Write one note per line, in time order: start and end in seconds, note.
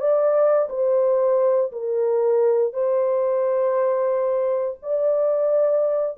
0.00 0.68 D5
0.69 1.71 C5
1.72 2.73 A#4
2.73 4.78 C5
4.83 6.17 D5